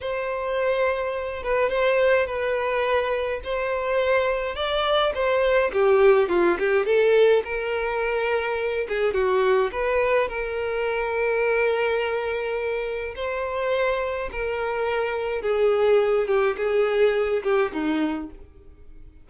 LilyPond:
\new Staff \with { instrumentName = "violin" } { \time 4/4 \tempo 4 = 105 c''2~ c''8 b'8 c''4 | b'2 c''2 | d''4 c''4 g'4 f'8 g'8 | a'4 ais'2~ ais'8 gis'8 |
fis'4 b'4 ais'2~ | ais'2. c''4~ | c''4 ais'2 gis'4~ | gis'8 g'8 gis'4. g'8 dis'4 | }